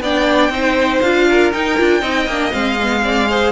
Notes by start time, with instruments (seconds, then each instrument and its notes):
0.00 cello B3, viola D4, violin D5 G5
0.49 cello C4, viola D#4, violin C5
1.01 cello D4, viola F4, violin F5
1.29 violin A#4
1.52 viola D#4, cello D#4, violin G5
1.77 cello D4, viola F4
2.00 cello C4, viola D#4, violin D#5
2.26 cello A#3, viola D4
2.52 cello G#3, viola C4, violin F5
2.81 viola B3
3.01 viola C4, violin D5
3.29 viola G#4, violin C5